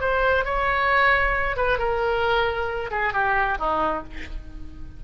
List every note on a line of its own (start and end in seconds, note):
0.00 0.45 C5
0.45 1.56 C#5
1.56 1.78 B4
1.78 2.90 A#4
2.90 3.13 G#4
3.13 3.58 G4
3.59 4.03 D#4